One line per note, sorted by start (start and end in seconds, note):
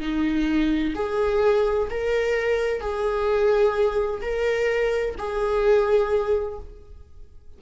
0.00 0.94 D#4
0.95 1.89 G#4
1.90 2.81 A#4
2.81 4.21 G#4
4.22 5.16 A#4
5.18 6.59 G#4